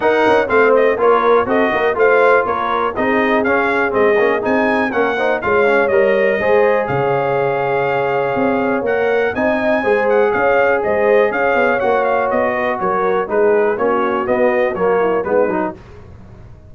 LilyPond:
<<
  \new Staff \with { instrumentName = "trumpet" } { \time 4/4 \tempo 4 = 122 fis''4 f''8 dis''8 cis''4 dis''4 | f''4 cis''4 dis''4 f''4 | dis''4 gis''4 fis''4 f''4 | dis''2 f''2~ |
f''2 fis''4 gis''4~ | gis''8 fis''8 f''4 dis''4 f''4 | fis''8 f''8 dis''4 cis''4 b'4 | cis''4 dis''4 cis''4 b'4 | }
  \new Staff \with { instrumentName = "horn" } { \time 4/4 ais'4 c''4 ais'4 a'8 ais'8 | c''4 ais'4 gis'2~ | gis'2 ais'8 c''8 cis''4~ | cis''4 c''4 cis''2~ |
cis''2. dis''4 | c''4 cis''4 c''4 cis''4~ | cis''4. b'8 ais'4 gis'4 | fis'2~ fis'8 e'8 dis'4 | }
  \new Staff \with { instrumentName = "trombone" } { \time 4/4 dis'4 c'4 f'4 fis'4 | f'2 dis'4 cis'4 | c'8 cis'8 dis'4 cis'8 dis'8 f'8 cis'8 | ais'4 gis'2.~ |
gis'2 ais'4 dis'4 | gis'1 | fis'2. dis'4 | cis'4 b4 ais4 b8 dis'8 | }
  \new Staff \with { instrumentName = "tuba" } { \time 4/4 dis'8 cis'8 a4 ais4 c'8 ais8 | a4 ais4 c'4 cis'4 | gis8 ais8 c'4 ais4 gis4 | g4 gis4 cis2~ |
cis4 c'4 ais4 c'4 | gis4 cis'4 gis4 cis'8 b8 | ais4 b4 fis4 gis4 | ais4 b4 fis4 gis8 fis8 | }
>>